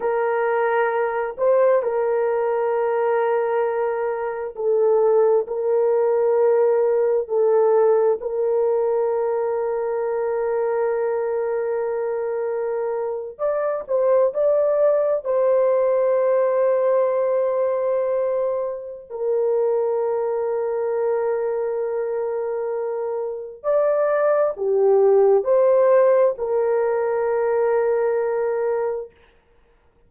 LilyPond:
\new Staff \with { instrumentName = "horn" } { \time 4/4 \tempo 4 = 66 ais'4. c''8 ais'2~ | ais'4 a'4 ais'2 | a'4 ais'2.~ | ais'2~ ais'8. d''8 c''8 d''16~ |
d''8. c''2.~ c''16~ | c''4 ais'2.~ | ais'2 d''4 g'4 | c''4 ais'2. | }